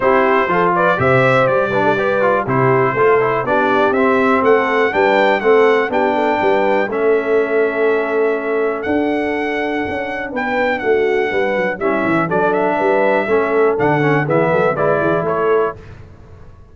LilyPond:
<<
  \new Staff \with { instrumentName = "trumpet" } { \time 4/4 \tempo 4 = 122 c''4. d''8 e''4 d''4~ | d''4 c''2 d''4 | e''4 fis''4 g''4 fis''4 | g''2 e''2~ |
e''2 fis''2~ | fis''4 g''4 fis''2 | e''4 d''8 e''2~ e''8 | fis''4 e''4 d''4 cis''4 | }
  \new Staff \with { instrumentName = "horn" } { \time 4/4 g'4 a'8 b'8 c''4. b'16 a'16 | b'4 g'4 a'4 g'4~ | g'4 a'4 b'4 a'4 | g'8 a'8 b'4 a'2~ |
a'1~ | a'4 b'4 fis'4 b'4 | e'4 a'4 b'4 a'4~ | a'4 gis'8 a'8 b'8 gis'8 a'4 | }
  \new Staff \with { instrumentName = "trombone" } { \time 4/4 e'4 f'4 g'4. d'8 | g'8 f'8 e'4 f'8 e'8 d'4 | c'2 d'4 c'4 | d'2 cis'2~ |
cis'2 d'2~ | d'1 | cis'4 d'2 cis'4 | d'8 cis'8 b4 e'2 | }
  \new Staff \with { instrumentName = "tuba" } { \time 4/4 c'4 f4 c4 g4~ | g4 c4 a4 b4 | c'4 a4 g4 a4 | b4 g4 a2~ |
a2 d'2 | cis'4 b4 a4 g8 fis8 | g8 e8 fis4 g4 a4 | d4 e8 fis8 gis8 e8 a4 | }
>>